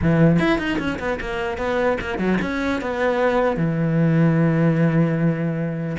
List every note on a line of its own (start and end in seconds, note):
0.01 0.39 E3
0.39 0.58 E4
0.58 0.78 D#4
0.78 0.98 C#4
0.99 1.19 B3
1.20 1.57 A#3
1.57 1.97 B3
2.00 2.18 A#3
2.18 2.38 F#3
2.41 2.81 C#4
2.81 3.57 B3
3.57 5.97 E3